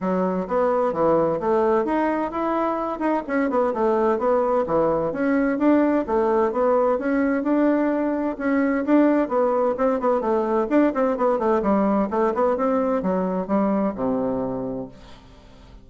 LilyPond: \new Staff \with { instrumentName = "bassoon" } { \time 4/4 \tempo 4 = 129 fis4 b4 e4 a4 | dis'4 e'4. dis'8 cis'8 b8 | a4 b4 e4 cis'4 | d'4 a4 b4 cis'4 |
d'2 cis'4 d'4 | b4 c'8 b8 a4 d'8 c'8 | b8 a8 g4 a8 b8 c'4 | fis4 g4 c2 | }